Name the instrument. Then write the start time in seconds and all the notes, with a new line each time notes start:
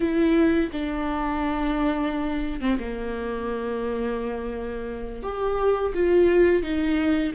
viola
0.00 E4
0.72 D4
2.60 C4
2.79 A#3
5.23 G4
5.94 F4
6.62 D#4